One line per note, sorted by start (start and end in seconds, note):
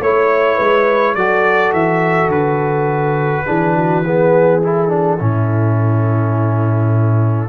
0.00 0.58 A3
0.00 1.18 E4
0.00 0.55 C#5
0.00 1.14 C#5
0.55 1.15 G#3
0.55 1.13 B4
1.14 1.73 F#3
1.14 3.46 F#4
1.14 3.46 A4
1.14 1.72 D5
1.73 2.28 E3
1.73 2.30 E5
2.28 3.43 D3
2.28 4.62 B4
3.46 5.20 E3
3.46 4.04 D4
3.46 3.75 G#4
3.76 4.04 F#4
4.04 4.62 B3
4.04 5.19 G#4
4.62 4.89 E4
4.62 7.48 A4
4.89 5.18 D4
5.19 7.48 A2
5.19 7.48 C#4
5.19 7.48 E4